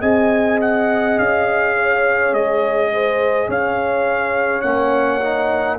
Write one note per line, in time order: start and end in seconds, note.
0.00 1.18 C4
0.00 4.63 G#4
0.00 1.73 D#5
0.00 0.59 G#5
0.61 1.19 F#5
1.19 2.33 C#4
1.19 2.34 F5
1.76 2.92 C#5
2.33 3.48 G#3
2.33 3.49 D#5
2.93 3.48 C5
3.48 4.64 C#4
3.48 5.79 C#5
3.48 4.62 F5
4.62 5.79 A#3
4.62 5.20 C#4
4.62 5.77 F#5
5.21 5.78 D#4